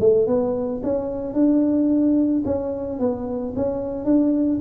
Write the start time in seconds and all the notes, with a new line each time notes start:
0.00 A3
0.27 B3
0.83 C#4
1.33 D4
2.45 C#4
2.99 B3
3.56 C#4
4.04 D4